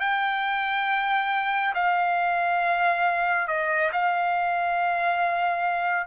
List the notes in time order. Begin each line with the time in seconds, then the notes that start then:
0.00 G5
1.74 F5
3.47 D#5
3.92 F5